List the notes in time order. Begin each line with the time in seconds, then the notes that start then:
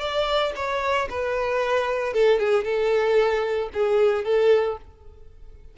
0.00 D5
0.56 C#5
1.10 B4
2.14 A4
2.39 G#4
2.64 A4
3.73 G#4
4.25 A4